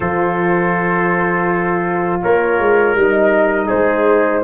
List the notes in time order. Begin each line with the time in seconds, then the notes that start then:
0.00 F3 F4 A4 C5
2.22 A#3 A#4 C#5
2.59 G#3
2.95 G3 D#4 D#5
3.66 G#3 G#4 C5